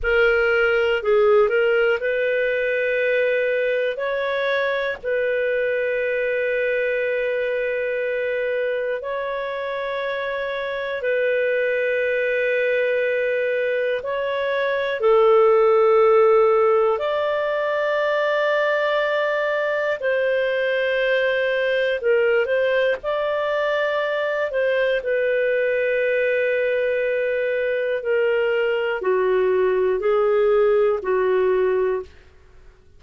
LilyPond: \new Staff \with { instrumentName = "clarinet" } { \time 4/4 \tempo 4 = 60 ais'4 gis'8 ais'8 b'2 | cis''4 b'2.~ | b'4 cis''2 b'4~ | b'2 cis''4 a'4~ |
a'4 d''2. | c''2 ais'8 c''8 d''4~ | d''8 c''8 b'2. | ais'4 fis'4 gis'4 fis'4 | }